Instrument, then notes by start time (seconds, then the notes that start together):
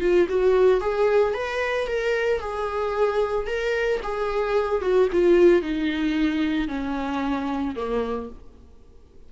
viola
0.00 F4
0.28 F#4
0.80 G#4
1.34 B4
1.87 A#4
2.40 G#4
3.46 A#4
4.03 G#4
4.81 F#4
5.12 F4
5.62 D#4
6.68 C#4
7.75 A#3